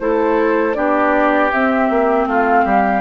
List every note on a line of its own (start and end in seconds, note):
0.00 0.77 A3
0.00 0.75 E4
0.00 0.77 A4
0.00 0.75 C5
0.75 1.53 B3
0.75 1.51 D4
0.75 2.29 G4
0.75 1.51 D5
1.52 1.90 C4
1.52 3.02 C4
1.52 2.28 E5
1.90 2.27 A#3
2.27 2.65 A3
2.27 2.65 F4
2.27 3.02 F5
2.65 3.02 G3
2.65 3.02 G4